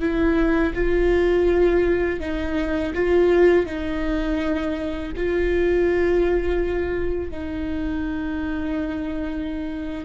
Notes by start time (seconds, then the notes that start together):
0.00 E4
0.74 F4
2.20 D#4
2.94 F4
3.66 D#4
5.17 F4
7.31 D#4